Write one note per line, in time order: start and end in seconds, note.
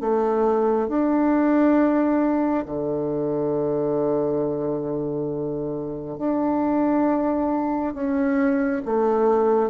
0.00 0.88 A3
0.88 2.64 D4
2.66 6.18 D3
6.18 7.93 D4
7.93 8.82 C#4
8.85 9.70 A3